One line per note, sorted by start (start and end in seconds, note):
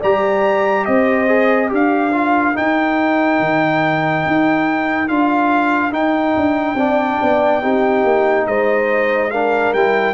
0.00 0.87 G3
0.00 1.27 G4
0.00 0.85 D5
0.00 0.85 A#5
0.85 1.72 C4
0.85 1.71 C5
0.85 1.69 D#5
1.27 1.68 G#4
1.68 2.56 D4
1.68 2.10 G4
1.68 6.78 A#4
1.74 2.57 F5
2.12 2.54 F4
2.54 5.07 D#4
2.54 3.39 D#4
2.54 5.08 G5
3.39 4.24 D#3
4.27 5.09 D#4
5.08 5.93 D4
5.08 5.91 F4
5.08 5.92 F5
5.91 6.76 D#4
5.91 6.35 D#4
5.91 8.47 G5
6.36 6.74 D4
6.74 7.17 C4
6.74 7.62 D4
6.74 7.62 D5
7.21 7.63 B3
7.62 8.04 C4
7.62 9.31 D#4
7.62 8.46 G4
8.04 8.46 A#3
8.46 9.73 G#3
8.46 9.32 C5
8.46 9.31 D#5
9.31 9.75 D4
9.31 10.14 A#4
9.31 9.73 F5
9.73 10.14 G3
9.73 10.14 E4
9.73 10.14 G5